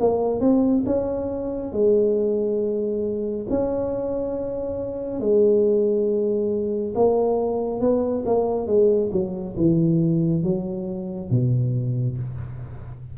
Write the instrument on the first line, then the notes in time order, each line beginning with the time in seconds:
tuba
0.00 A#3
0.40 C4
0.86 C#4
1.72 G#3
3.50 C#4
5.20 G#3
6.95 A#3
7.81 B3
8.26 A#3
8.67 G#3
9.12 F#3
9.57 E3
10.43 F#3
11.30 B2